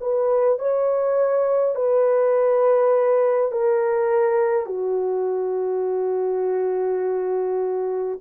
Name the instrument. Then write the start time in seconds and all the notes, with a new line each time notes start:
horn
0.00 B4
0.58 C#5
1.75 B4
3.51 A#4
4.65 F#4